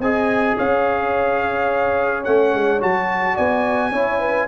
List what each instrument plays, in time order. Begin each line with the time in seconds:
0.00 tuba C4, trombone G#4, horn D#5, trumpet G#5
0.58 tuba C#4, horn C#5, trumpet F5
2.25 tuba A3, trombone C#4, trumpet F#5
2.54 tuba G#3
2.80 tuba F#3, trombone F#4, trumpet A5
3.35 tuba B3, horn D5, trumpet G#5
3.92 tuba C#4, trombone E4, horn C#5
4.20 horn B4